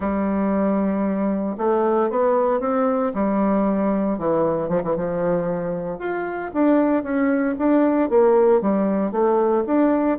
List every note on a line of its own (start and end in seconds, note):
0.00 1.56 G3
1.57 2.09 A3
2.10 2.60 B3
2.60 3.12 C4
3.14 4.18 G3
4.18 4.68 E3
4.68 4.81 F3
4.83 4.96 E3
4.96 5.98 F3
5.98 6.51 F4
6.53 7.03 D4
7.03 7.55 C#4
7.58 8.09 D4
8.09 8.61 A#3
8.61 9.11 G3
9.11 9.64 A3
9.66 10.18 D4